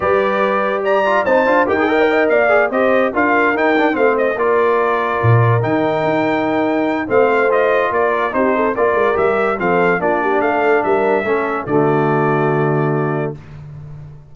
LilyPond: <<
  \new Staff \with { instrumentName = "trumpet" } { \time 4/4 \tempo 4 = 144 d''2 ais''4 a''4 | g''4. f''4 dis''4 f''8~ | f''8 g''4 f''8 dis''8 d''4.~ | d''4. g''2~ g''8~ |
g''4 f''4 dis''4 d''4 | c''4 d''4 e''4 f''4 | d''4 f''4 e''2 | d''1 | }
  \new Staff \with { instrumentName = "horn" } { \time 4/4 b'2 d''4 c''4 | ais'8 dis''16 ais'16 dis''8 d''4 c''4 ais'8~ | ais'4. c''4 ais'4.~ | ais'1~ |
ais'4 c''2 ais'4 | g'8 a'8 ais'2 a'4 | f'8 g'8 a'4 ais'4 a'4 | fis'1 | }
  \new Staff \with { instrumentName = "trombone" } { \time 4/4 g'2~ g'8 f'8 dis'8 f'8 | g'16 gis'16 ais'4. gis'8 g'4 f'8~ | f'8 dis'8 d'8 c'4 f'4.~ | f'4. dis'2~ dis'8~ |
dis'4 c'4 f'2 | dis'4 f'4 g'4 c'4 | d'2. cis'4 | a1 | }
  \new Staff \with { instrumentName = "tuba" } { \time 4/4 g2. c'8 d'8 | dis'4. ais4 c'4 d'8~ | d'8 dis'4 a4 ais4.~ | ais8 ais,4 dis4 dis'4.~ |
dis'4 a2 ais4 | c'4 ais8 gis8 g4 f4 | ais4 a4 g4 a4 | d1 | }
>>